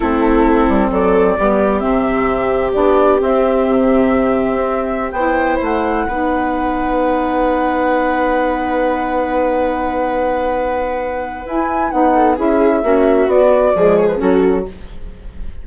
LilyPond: <<
  \new Staff \with { instrumentName = "flute" } { \time 4/4 \tempo 4 = 131 a'2 d''2 | e''2 d''4 e''4~ | e''2.~ e''16 g''8.~ | g''16 fis''2.~ fis''8.~ |
fis''1~ | fis''1~ | fis''4 gis''4 fis''4 e''4~ | e''4 d''4. cis''16 b'16 a'4 | }
  \new Staff \with { instrumentName = "viola" } { \time 4/4 e'2 a'4 g'4~ | g'1~ | g'2.~ g'16 c''8.~ | c''4~ c''16 b'2~ b'8.~ |
b'1~ | b'1~ | b'2~ b'8 a'8 gis'4 | fis'2 gis'4 fis'4 | }
  \new Staff \with { instrumentName = "saxophone" } { \time 4/4 c'2. b4 | c'2 d'4 c'4~ | c'2.~ c'16 e'8.~ | e'4~ e'16 dis'2~ dis'8.~ |
dis'1~ | dis'1~ | dis'4 e'4 dis'4 e'4 | cis'4 b4 gis4 cis'4 | }
  \new Staff \with { instrumentName = "bassoon" } { \time 4/4 a4. g8 fis4 g4 | c2 b4 c'4 | c2 c'4~ c'16 b8.~ | b16 a4 b2~ b8.~ |
b1~ | b1~ | b4 e'4 b4 cis'4 | ais4 b4 f4 fis4 | }
>>